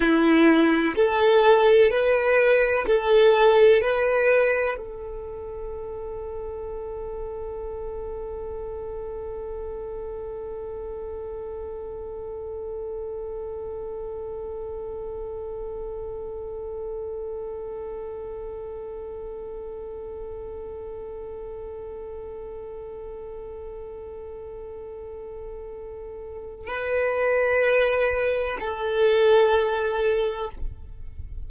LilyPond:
\new Staff \with { instrumentName = "violin" } { \time 4/4 \tempo 4 = 63 e'4 a'4 b'4 a'4 | b'4 a'2.~ | a'1~ | a'1~ |
a'1~ | a'1~ | a'1 | b'2 a'2 | }